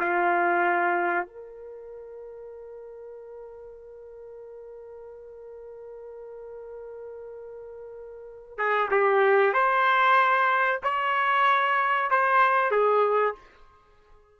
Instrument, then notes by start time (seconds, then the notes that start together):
trumpet
0.00 F4
1.27 A#4
8.57 G#4
8.91 G4
9.53 C5
10.83 C#5
12.11 C5
12.71 G#4